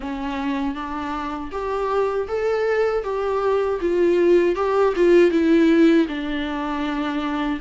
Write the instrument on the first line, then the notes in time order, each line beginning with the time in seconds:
viola
0.00 C#4
0.74 D4
1.51 G4
2.28 A4
3.03 G4
3.80 F4
4.55 G4
4.95 F4
5.30 E4
6.08 D4